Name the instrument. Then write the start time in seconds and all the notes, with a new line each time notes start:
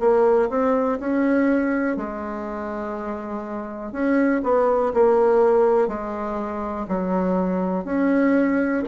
bassoon
0.00 A#3
0.50 C4
1.00 C#4
1.97 G#3
3.93 C#4
4.44 B3
4.94 A#3
5.88 G#3
6.88 F#3
7.85 C#4